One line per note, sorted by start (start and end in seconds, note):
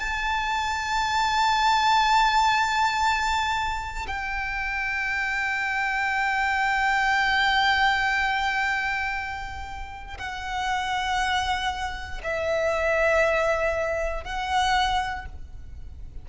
0.00 4.07 A5
4.08 10.18 G5
10.18 12.22 F#5
12.24 14.24 E5
14.24 15.26 F#5